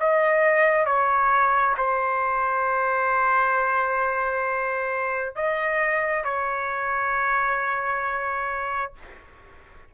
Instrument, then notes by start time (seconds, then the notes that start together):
trumpet
0.00 D#5
0.86 C#5
1.77 C5
5.35 D#5
6.24 C#5